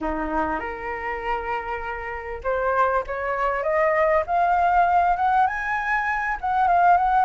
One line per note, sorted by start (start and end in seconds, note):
0.01 0.59 D#4
0.59 2.41 A#4
2.43 3.04 C5
3.06 3.63 C#5
3.63 4.23 D#5
4.26 5.16 F5
5.16 5.46 F#5
5.46 6.37 G#5
6.40 6.67 F#5
6.67 6.97 F5
6.97 7.24 F#5